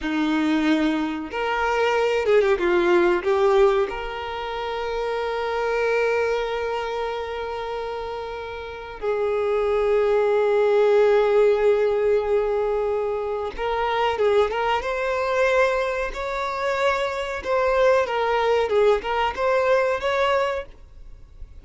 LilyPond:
\new Staff \with { instrumentName = "violin" } { \time 4/4 \tempo 4 = 93 dis'2 ais'4. gis'16 g'16 | f'4 g'4 ais'2~ | ais'1~ | ais'2 gis'2~ |
gis'1~ | gis'4 ais'4 gis'8 ais'8 c''4~ | c''4 cis''2 c''4 | ais'4 gis'8 ais'8 c''4 cis''4 | }